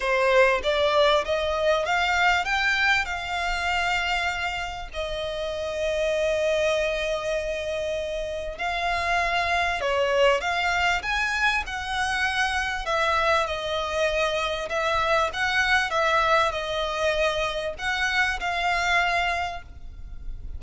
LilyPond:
\new Staff \with { instrumentName = "violin" } { \time 4/4 \tempo 4 = 98 c''4 d''4 dis''4 f''4 | g''4 f''2. | dis''1~ | dis''2 f''2 |
cis''4 f''4 gis''4 fis''4~ | fis''4 e''4 dis''2 | e''4 fis''4 e''4 dis''4~ | dis''4 fis''4 f''2 | }